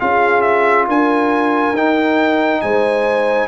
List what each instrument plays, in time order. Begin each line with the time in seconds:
0.00 tuba C#4, trombone F4, horn G#4, trumpet F5
0.41 trumpet E5
0.88 tuba D4, horn A#4, trumpet G#5
1.73 tuba D#4, trombone D#4, trumpet G5
2.61 tuba G#3, horn C5, trumpet G#5